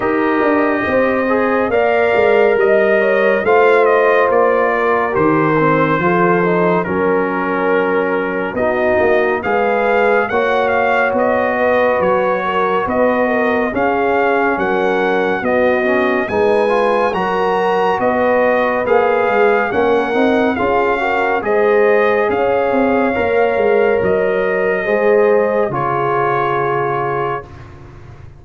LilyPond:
<<
  \new Staff \with { instrumentName = "trumpet" } { \time 4/4 \tempo 4 = 70 dis''2 f''4 dis''4 | f''8 dis''8 d''4 c''2 | ais'2 dis''4 f''4 | fis''8 f''8 dis''4 cis''4 dis''4 |
f''4 fis''4 dis''4 gis''4 | ais''4 dis''4 f''4 fis''4 | f''4 dis''4 f''2 | dis''2 cis''2 | }
  \new Staff \with { instrumentName = "horn" } { \time 4/4 ais'4 c''4 d''4 dis''8 cis''8 | c''4. ais'4. a'4 | ais'2 fis'4 b'4 | cis''4. b'4 ais'8 b'8 ais'8 |
gis'4 ais'4 fis'4 b'4 | ais'4 b'2 ais'4 | gis'8 ais'8 c''4 cis''2~ | cis''4 c''4 gis'2 | }
  \new Staff \with { instrumentName = "trombone" } { \time 4/4 g'4. gis'8 ais'2 | f'2 g'8 c'8 f'8 dis'8 | cis'2 dis'4 gis'4 | fis'1 |
cis'2 b8 cis'8 dis'8 f'8 | fis'2 gis'4 cis'8 dis'8 | f'8 fis'8 gis'2 ais'4~ | ais'4 gis'4 f'2 | }
  \new Staff \with { instrumentName = "tuba" } { \time 4/4 dis'8 d'8 c'4 ais8 gis8 g4 | a4 ais4 dis4 f4 | fis2 b8 ais8 gis4 | ais4 b4 fis4 b4 |
cis'4 fis4 b4 gis4 | fis4 b4 ais8 gis8 ais8 c'8 | cis'4 gis4 cis'8 c'8 ais8 gis8 | fis4 gis4 cis2 | }
>>